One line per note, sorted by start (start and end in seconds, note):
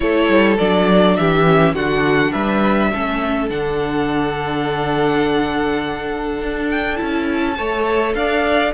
0.00 0.28 A3
0.00 0.58 E4
0.00 1.18 A4
0.00 0.56 C#5
0.28 0.57 G3
0.58 1.17 F#3
0.58 1.45 D4
0.58 1.16 D5
1.16 1.73 E3
1.16 1.75 G4
1.16 1.74 E5
1.45 1.74 C#4
1.73 2.32 D3
1.73 2.93 D4
1.73 2.32 F#4
1.73 2.32 F#5
2.32 2.92 G3
2.32 2.90 B4
2.32 3.48 E5
2.92 3.50 A3
2.92 3.49 C#4
2.92 7.57 A4
3.49 6.41 D3
3.49 6.96 D4
3.49 6.70 F#5
6.41 7.00 D4
6.70 6.96 G5
6.96 7.58 C#4
6.96 7.54 E4
6.96 8.13 A5
7.57 8.14 A3
7.57 8.73 A4
7.57 8.15 C#5
8.14 8.72 D4
8.14 8.74 D5
8.14 8.73 F5